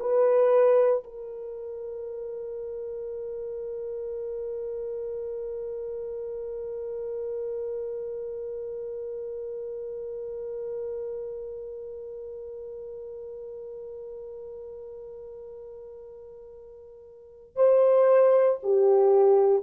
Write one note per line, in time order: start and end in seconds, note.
0.00 1.03 B4
1.04 17.56 A#4
17.56 18.60 C5
18.63 19.63 G4